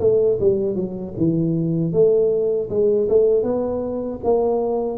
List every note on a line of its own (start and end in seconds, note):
0.00 0.38 A3
0.41 0.76 G3
0.76 1.14 F#3
1.17 1.93 E3
1.93 2.70 A3
2.70 3.09 G#3
3.09 3.43 A3
3.43 4.20 B3
4.24 4.99 A#3